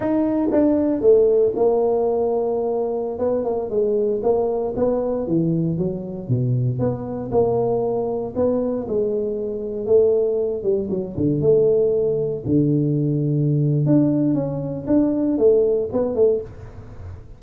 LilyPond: \new Staff \with { instrumentName = "tuba" } { \time 4/4 \tempo 4 = 117 dis'4 d'4 a4 ais4~ | ais2~ ais16 b8 ais8 gis8.~ | gis16 ais4 b4 e4 fis8.~ | fis16 b,4 b4 ais4.~ ais16~ |
ais16 b4 gis2 a8.~ | a8. g8 fis8 d8 a4.~ a16~ | a16 d2~ d8. d'4 | cis'4 d'4 a4 b8 a8 | }